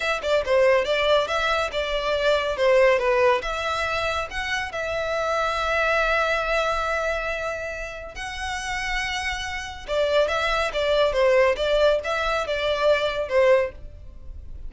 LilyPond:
\new Staff \with { instrumentName = "violin" } { \time 4/4 \tempo 4 = 140 e''8 d''8 c''4 d''4 e''4 | d''2 c''4 b'4 | e''2 fis''4 e''4~ | e''1~ |
e''2. fis''4~ | fis''2. d''4 | e''4 d''4 c''4 d''4 | e''4 d''2 c''4 | }